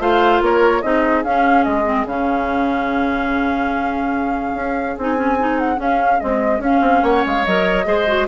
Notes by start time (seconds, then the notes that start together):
0.00 A3 F4 C5 F5
0.42 A#3 A#4 C#5
0.82 C4 D#4 G#4 D#5
1.25 C#4 F5
1.64 G#3 D#5
1.85 C4
2.05 C#3 C#4 F5
4.54 C#4
4.98 C4 D#4 G#5
5.16 C#4
5.40 D#4
5.59 F#5
5.76 C#4 F5
6.20 G#3 C4 D#5
6.60 C#4 F5
6.81 C4
7.03 A#3 C#5 F#5
7.26 G#3 F5
7.46 F#3 A#4 D#5
7.85 G#3 G#4 C5
8.07 F#4